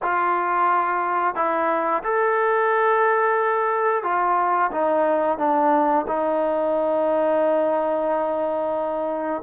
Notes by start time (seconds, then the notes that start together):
0.02 F4
1.35 E4
2.03 A4
4.03 F4
4.71 D#4
5.37 D4
6.07 D#4